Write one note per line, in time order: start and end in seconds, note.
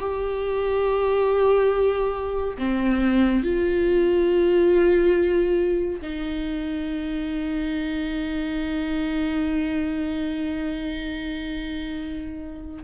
0.00 2.57 G4
2.58 3.44 C4
3.44 6.01 F4
6.01 12.84 D#4